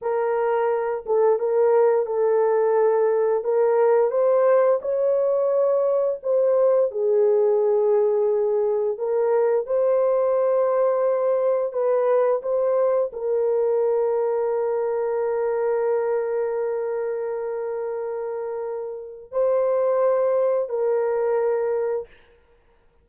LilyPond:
\new Staff \with { instrumentName = "horn" } { \time 4/4 \tempo 4 = 87 ais'4. a'8 ais'4 a'4~ | a'4 ais'4 c''4 cis''4~ | cis''4 c''4 gis'2~ | gis'4 ais'4 c''2~ |
c''4 b'4 c''4 ais'4~ | ais'1~ | ais'1 | c''2 ais'2 | }